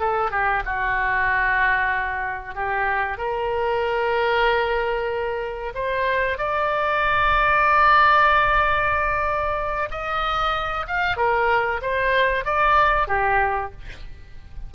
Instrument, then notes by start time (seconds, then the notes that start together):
oboe
0.00 A4
0.32 G4
0.66 F#4
2.55 G4
3.18 A#4
5.75 C5
6.39 D5
9.91 D#5
10.88 F5
11.17 A#4
11.82 C5
12.45 D5
13.08 G4